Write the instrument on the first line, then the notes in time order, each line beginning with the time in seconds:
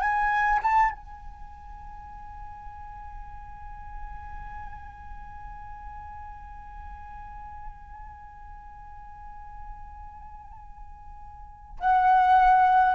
flute
0.00 G#5
0.63 A5
0.90 G#5
11.79 F#5